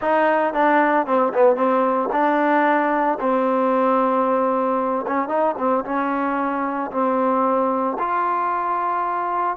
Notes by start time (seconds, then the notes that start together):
0.01 D#4
0.53 D4
1.06 C4
1.33 B3
1.56 C4
2.12 D4
3.20 C4
5.07 C#4
5.28 D#4
5.58 C4
5.84 C#4
6.91 C4
7.98 F4